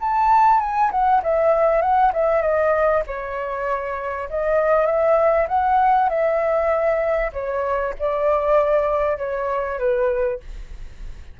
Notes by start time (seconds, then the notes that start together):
0.00 A5
0.60 G#5
0.91 F#5
1.22 E5
1.81 F#5
2.13 E5
2.41 D#5
3.06 C#5
4.29 D#5
4.86 E5
5.47 F#5
6.09 E5
7.32 C#5
7.99 D5
9.17 C#5
9.78 B4